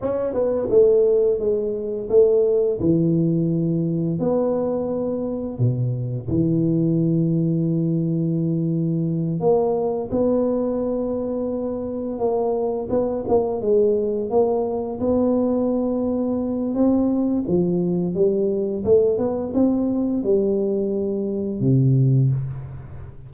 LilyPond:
\new Staff \with { instrumentName = "tuba" } { \time 4/4 \tempo 4 = 86 cis'8 b8 a4 gis4 a4 | e2 b2 | b,4 e2.~ | e4. ais4 b4.~ |
b4. ais4 b8 ais8 gis8~ | gis8 ais4 b2~ b8 | c'4 f4 g4 a8 b8 | c'4 g2 c4 | }